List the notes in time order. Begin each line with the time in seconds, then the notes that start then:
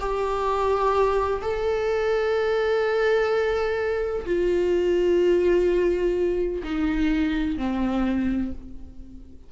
0.00 G4
1.42 A4
4.26 F4
6.64 D#4
7.58 C4